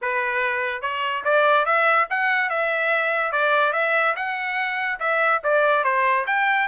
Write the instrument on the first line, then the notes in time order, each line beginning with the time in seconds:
trumpet
0.01 B4
0.81 C#5
1.24 D5
1.65 E5
2.10 F#5
2.49 E5
3.32 D5
3.73 E5
4.16 F#5
4.99 E5
5.43 D5
5.84 C5
6.26 G5